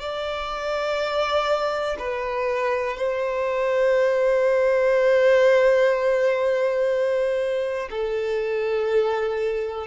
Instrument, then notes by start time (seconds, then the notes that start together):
violin
0.00 D5
1.99 B4
2.97 C5
7.90 A4